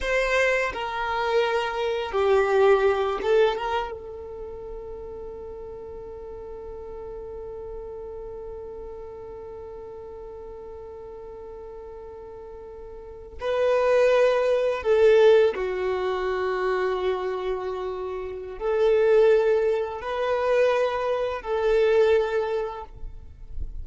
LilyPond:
\new Staff \with { instrumentName = "violin" } { \time 4/4 \tempo 4 = 84 c''4 ais'2 g'4~ | g'8 a'8 ais'8 a'2~ a'8~ | a'1~ | a'1~ |
a'2~ a'8. b'4~ b'16~ | b'8. a'4 fis'2~ fis'16~ | fis'2 a'2 | b'2 a'2 | }